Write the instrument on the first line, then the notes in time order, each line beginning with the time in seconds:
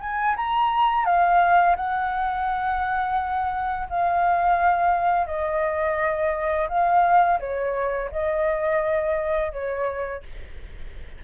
flute
0.00 G#5
0.36 A#5
1.05 F5
1.76 F#5
3.89 F5
5.27 D#5
6.68 F5
7.40 C#5
8.11 D#5
9.52 C#5